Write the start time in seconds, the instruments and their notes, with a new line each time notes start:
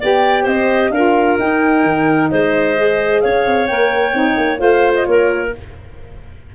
0.00 tuba B3, saxophone G4, clarinet D5, flute G5
0.44 tuba C4, clarinet C5, flute D#5
0.90 tuba D4, saxophone F4, clarinet A#4, flute F5
1.39 tuba D#4, saxophone D#4, flute G5
1.83 tuba D#3
2.30 tuba G#3, clarinet C5, flute D#5
2.77 saxophone G#4
3.21 tuba C#4, clarinet C#5, flute F5
3.46 tuba C4
3.67 tuba A#3, saxophone A#4, flute G5
4.13 tuba C4, saxophone D#4
4.37 tuba A#3
4.58 tuba A3, saxophone F4, clarinet C5, flute F5
4.94 flute D#5
5.05 tuba A#3, clarinet A#4, flute C#5